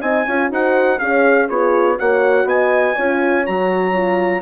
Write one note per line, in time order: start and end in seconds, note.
0.00 0.26 C4
0.00 0.26 D#4
0.00 0.25 D#5
0.00 0.50 G#5
0.26 0.50 C#4
0.26 0.50 F4
0.26 0.51 C#5
0.50 0.99 D#4
0.50 0.99 F#4
0.50 1.00 C5
0.50 0.98 F#5
0.98 1.49 C#4
0.98 1.49 G#4
0.98 1.47 C#5
0.98 1.48 F5
1.47 1.98 B3
1.47 1.97 F4
1.47 1.96 G#4
1.47 1.98 C#5
1.97 2.44 A#3
1.97 2.95 F#4
1.97 2.46 C#5
1.97 2.48 F#5
2.44 2.93 B3
2.44 2.95 D#5
2.44 3.46 G#5
2.95 3.47 C#4
2.95 3.46 F4
2.95 4.41 C#5
3.46 4.41 F#3
3.46 3.93 F#4
3.46 4.41 A#5
3.93 4.41 F4